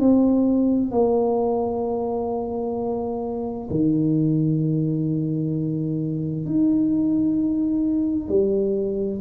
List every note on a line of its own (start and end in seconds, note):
0.00 0.92 C4
0.92 3.69 A#3
3.71 6.46 D#3
6.46 8.29 D#4
8.29 9.21 G3